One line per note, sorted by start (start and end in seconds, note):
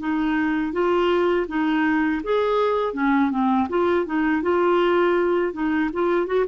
0.00 0.72 D#4
0.72 1.46 F4
1.48 2.22 D#4
2.23 2.93 G#4
2.93 3.30 C#4
3.31 3.68 C4
3.69 4.06 F4
4.06 4.42 D#4
4.42 5.53 F4
5.53 5.90 D#4
5.93 6.27 F4
6.27 6.45 F#4